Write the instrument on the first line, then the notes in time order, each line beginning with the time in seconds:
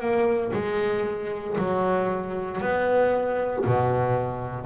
double bass
0.00 A#3
0.53 G#3
1.58 F#3
2.61 B3
3.65 B2